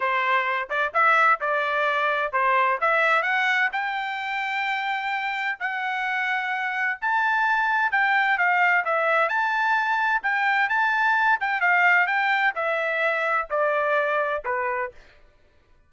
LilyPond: \new Staff \with { instrumentName = "trumpet" } { \time 4/4 \tempo 4 = 129 c''4. d''8 e''4 d''4~ | d''4 c''4 e''4 fis''4 | g''1 | fis''2. a''4~ |
a''4 g''4 f''4 e''4 | a''2 g''4 a''4~ | a''8 g''8 f''4 g''4 e''4~ | e''4 d''2 b'4 | }